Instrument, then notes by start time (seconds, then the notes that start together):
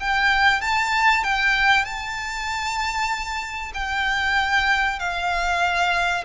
violin
0.00 G5
0.61 A5
1.23 G5
1.84 A5
3.74 G5
4.99 F5